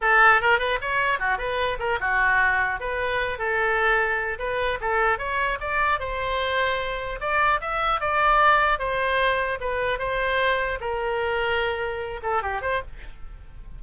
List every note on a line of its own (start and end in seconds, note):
0.01 0.41 A4
0.41 0.59 A#4
0.59 0.79 B4
0.81 1.19 C#5
1.19 1.37 F#4
1.37 1.77 B4
1.79 1.99 A#4
1.99 2.79 F#4
2.80 3.38 B4
3.38 4.38 A4
4.38 4.78 B4
4.80 5.18 A4
5.18 5.58 C#5
5.60 5.99 D5
5.99 7.19 C5
7.20 7.60 D5
7.60 8.00 E5
8.00 8.78 D5
8.78 9.58 C5
9.60 9.99 B4
9.99 10.79 C5
10.80 12.20 A#4
12.22 12.42 A4
12.42 12.61 G4
12.61 12.81 C5